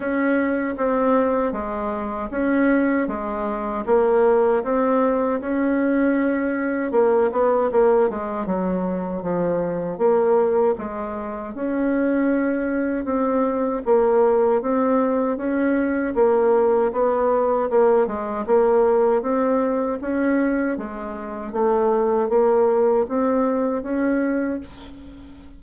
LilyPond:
\new Staff \with { instrumentName = "bassoon" } { \time 4/4 \tempo 4 = 78 cis'4 c'4 gis4 cis'4 | gis4 ais4 c'4 cis'4~ | cis'4 ais8 b8 ais8 gis8 fis4 | f4 ais4 gis4 cis'4~ |
cis'4 c'4 ais4 c'4 | cis'4 ais4 b4 ais8 gis8 | ais4 c'4 cis'4 gis4 | a4 ais4 c'4 cis'4 | }